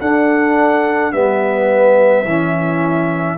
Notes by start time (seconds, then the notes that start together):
0.00 D4 A4 F#5
1.12 G3 B3 B4 E5
2.24 E3 C#4 E4